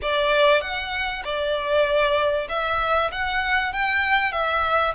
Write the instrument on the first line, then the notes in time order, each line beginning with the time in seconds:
violin
0.02 D5
0.61 F#5
1.24 D5
2.49 E5
3.11 F#5
3.73 G5
4.32 E5